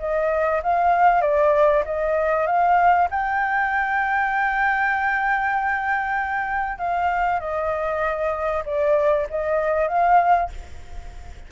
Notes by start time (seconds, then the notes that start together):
0.00 D#5
0.64 F5
1.22 D5
1.86 D#5
2.47 F5
3.11 G5
6.79 F5
7.40 D#5
8.66 D5
9.30 D#5
9.88 F5